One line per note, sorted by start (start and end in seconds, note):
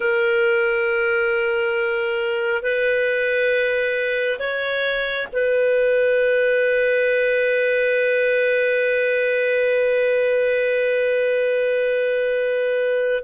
0.00 2.62 A#4
2.62 4.38 B4
4.39 5.27 C#5
5.32 13.23 B4